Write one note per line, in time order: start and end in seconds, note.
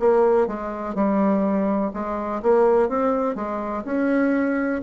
0.00 0.48 A#3
0.48 0.95 G#3
0.95 1.92 G3
1.94 2.42 G#3
2.43 2.89 A#3
2.89 3.36 C4
3.36 3.84 G#3
3.85 4.82 C#4